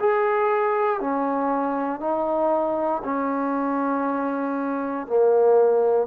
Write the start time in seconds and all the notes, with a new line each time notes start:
0.00 G#4
1.00 C#4
2.01 D#4
3.05 C#4
5.07 A#3